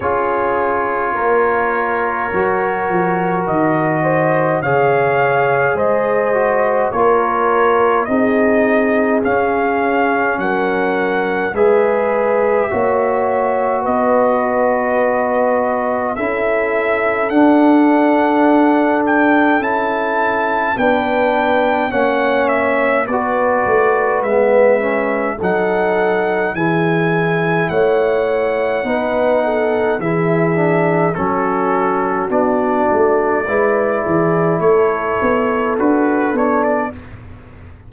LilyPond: <<
  \new Staff \with { instrumentName = "trumpet" } { \time 4/4 \tempo 4 = 52 cis''2. dis''4 | f''4 dis''4 cis''4 dis''4 | f''4 fis''4 e''2 | dis''2 e''4 fis''4~ |
fis''8 g''8 a''4 g''4 fis''8 e''8 | d''4 e''4 fis''4 gis''4 | fis''2 e''4 a'4 | d''2 cis''4 b'8 cis''16 d''16 | }
  \new Staff \with { instrumentName = "horn" } { \time 4/4 gis'4 ais'2~ ais'8 c''8 | cis''4 c''4 ais'4 gis'4~ | gis'4 ais'4 b'4 cis''4 | b'2 a'2~ |
a'2 b'4 cis''4 | b'2 a'4 gis'4 | cis''4 b'8 a'8 gis'4 fis'4~ | fis'4 b'8 gis'8 a'2 | }
  \new Staff \with { instrumentName = "trombone" } { \time 4/4 f'2 fis'2 | gis'4. fis'8 f'4 dis'4 | cis'2 gis'4 fis'4~ | fis'2 e'4 d'4~ |
d'4 e'4 d'4 cis'4 | fis'4 b8 cis'8 dis'4 e'4~ | e'4 dis'4 e'8 d'8 cis'4 | d'4 e'2 fis'8 d'8 | }
  \new Staff \with { instrumentName = "tuba" } { \time 4/4 cis'4 ais4 fis8 f8 dis4 | cis4 gis4 ais4 c'4 | cis'4 fis4 gis4 ais4 | b2 cis'4 d'4~ |
d'4 cis'4 b4 ais4 | b8 a8 gis4 fis4 e4 | a4 b4 e4 fis4 | b8 a8 gis8 e8 a8 b8 d'8 b8 | }
>>